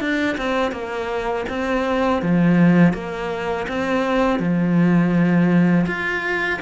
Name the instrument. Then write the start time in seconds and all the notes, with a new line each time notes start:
cello
0.00 D4
0.37 C4
0.72 A#3
1.49 C4
2.22 F3
2.93 A#3
3.68 C4
4.39 F3
5.86 F4